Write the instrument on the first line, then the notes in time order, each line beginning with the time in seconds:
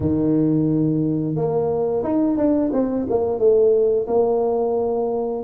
tuba
0.00 D#3
1.35 A#3
2.03 D#4
2.37 D4
2.72 C4
3.09 A#3
3.38 A3
4.07 A#3